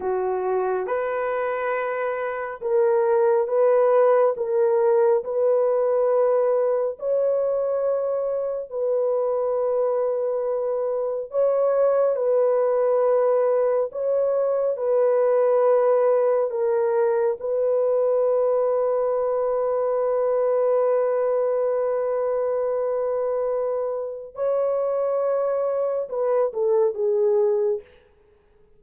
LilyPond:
\new Staff \with { instrumentName = "horn" } { \time 4/4 \tempo 4 = 69 fis'4 b'2 ais'4 | b'4 ais'4 b'2 | cis''2 b'2~ | b'4 cis''4 b'2 |
cis''4 b'2 ais'4 | b'1~ | b'1 | cis''2 b'8 a'8 gis'4 | }